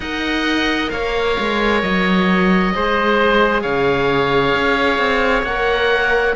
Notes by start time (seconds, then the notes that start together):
0.00 D#4 A#4 D#5 F#5
0.90 A#3 C#5 F5
1.39 G#3
1.82 F#3 D#5
2.74 G#3 G#4 C5
3.61 C#3 C#5 F5
4.54 C#4
4.98 C4
5.42 A#3 A#4 F#5